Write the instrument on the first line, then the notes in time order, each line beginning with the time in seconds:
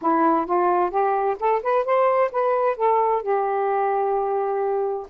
saxophone
0.01 E4
0.46 F4
0.90 G4
1.39 A4
1.63 B4
1.84 C5
2.31 B4
2.76 A4
3.22 G4